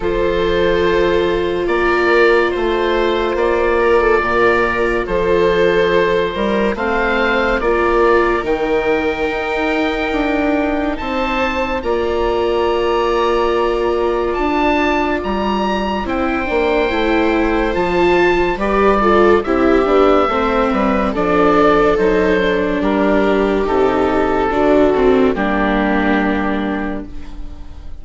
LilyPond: <<
  \new Staff \with { instrumentName = "oboe" } { \time 4/4 \tempo 4 = 71 c''2 d''4 c''4 | d''2 c''2 | f''4 d''4 g''2~ | g''4 a''4 ais''2~ |
ais''4 a''4 ais''4 g''4~ | g''4 a''4 d''4 e''4~ | e''4 d''4 c''4 ais'4 | a'2 g'2 | }
  \new Staff \with { instrumentName = "viola" } { \time 4/4 a'2 ais'4 c''4~ | c''8 ais'16 a'16 ais'4 a'4. ais'8 | c''4 ais'2.~ | ais'4 c''4 d''2~ |
d''2. c''4~ | c''2 b'8 a'8 g'4 | c''8 b'8 a'2 g'4~ | g'4 fis'4 d'2 | }
  \new Staff \with { instrumentName = "viola" } { \time 4/4 f'1~ | f'1 | c'4 f'4 dis'2~ | dis'2 f'2~ |
f'2. e'8 d'8 | e'4 f'4 g'8 f'8 e'8 d'8 | c'4 d'4 dis'8 d'4. | dis'4 d'8 c'8 ais2 | }
  \new Staff \with { instrumentName = "bassoon" } { \time 4/4 f2 ais4 a4 | ais4 ais,4 f4. g8 | a4 ais4 dis4 dis'4 | d'4 c'4 ais2~ |
ais4 d'4 g4 c'8 ais8 | a4 f4 g4 c'8 b8 | a8 g8 f4 fis4 g4 | c4 d4 g2 | }
>>